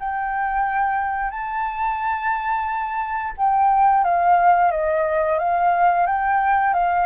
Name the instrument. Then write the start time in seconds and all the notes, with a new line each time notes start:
flute
0.00 G5
1.31 A5
3.37 G5
4.04 F5
4.72 D#5
5.39 F5
6.07 G5
6.74 F5